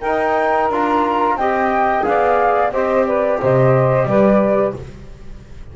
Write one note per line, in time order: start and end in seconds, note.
0.00 0.69 D#4
0.00 0.71 D#4
0.00 1.35 A#4
0.00 0.68 G5
0.69 1.35 D4
0.69 1.39 F4
0.69 1.37 A#5
1.35 2.03 C4
1.35 2.02 G4
1.35 2.05 D#5
1.35 2.04 G5
2.02 2.71 B3
2.02 2.70 G#4
2.02 2.72 D5
2.02 2.71 F5
2.71 3.39 C4
2.71 4.75 G4
2.71 3.05 C5
2.71 3.06 D#5
3.06 3.39 B4
3.06 3.40 D5
3.41 4.05 C3
3.41 4.07 C5
3.41 4.06 D#5
4.05 4.72 G3
4.05 4.75 B4
4.05 4.74 D5